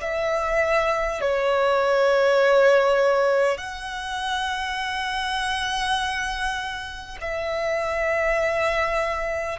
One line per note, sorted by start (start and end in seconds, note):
0.00 1.20 E5
1.21 3.57 C#5
3.57 7.17 F#5
7.21 9.59 E5